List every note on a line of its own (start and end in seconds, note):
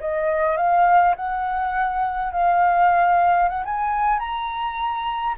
0.00 0.57 D#5
0.57 1.15 F5
1.16 2.32 F#5
2.32 3.49 F5
3.49 3.64 F#5
3.65 4.19 G#5
4.19 5.36 A#5